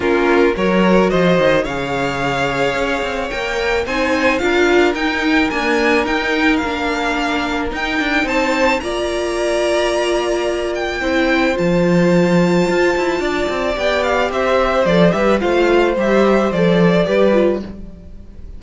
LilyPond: <<
  \new Staff \with { instrumentName = "violin" } { \time 4/4 \tempo 4 = 109 ais'4 cis''4 dis''4 f''4~ | f''2 g''4 gis''4 | f''4 g''4 gis''4 g''4 | f''2 g''4 a''4 |
ais''2.~ ais''8 g''8~ | g''4 a''2.~ | a''4 g''8 f''8 e''4 d''8 e''8 | f''4 e''4 d''2 | }
  \new Staff \with { instrumentName = "violin" } { \time 4/4 f'4 ais'4 c''4 cis''4~ | cis''2. c''4 | ais'1~ | ais'2. c''4 |
d''1 | c''1 | d''2 c''4. b'8 | c''2. b'4 | }
  \new Staff \with { instrumentName = "viola" } { \time 4/4 cis'4 fis'2 gis'4~ | gis'2 ais'4 dis'4 | f'4 dis'4 ais4 dis'4 | d'2 dis'2 |
f'1 | e'4 f'2.~ | f'4 g'2 a'8 g'8 | f'4 g'4 a'4 g'8 f'8 | }
  \new Staff \with { instrumentName = "cello" } { \time 4/4 ais4 fis4 f8 dis8 cis4~ | cis4 cis'8 c'8 ais4 c'4 | d'4 dis'4 d'4 dis'4 | ais2 dis'8 d'8 c'4 |
ais1 | c'4 f2 f'8 e'8 | d'8 c'8 b4 c'4 f8 g8 | a4 g4 f4 g4 | }
>>